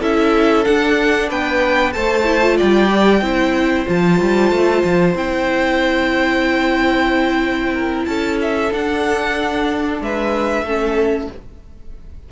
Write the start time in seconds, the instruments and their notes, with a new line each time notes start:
0.00 cello C#4, viola E4, violin A4 E5
0.65 viola D4, cello D4, violin F#5
1.29 cello B3, violin B4 G5
1.93 cello A3, viola A4, violin C5 A5
2.25 viola E4
2.41 viola F4
2.57 cello G3, violin D5 G5
2.89 viola G4
3.21 cello C4, viola E4, violin C5
3.86 cello F3, viola F4, violin A5
4.21 cello G3
4.51 cello A3
4.84 cello F3
5.15 cello C4, viola E4, violin G5
7.74 violin A#4
8.06 cello C#4, violin A4 A5
8.41 violin E5
8.72 viola D4, cello D4, violin F#5
10.01 cello G#3, violin B4 E5
10.63 cello A3, viola C#4, violin A4